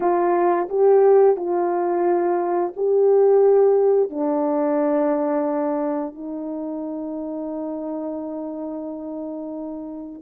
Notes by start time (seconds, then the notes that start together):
0.00 F4
0.69 G4
1.36 F4
2.76 G4
4.09 D4
6.14 D#4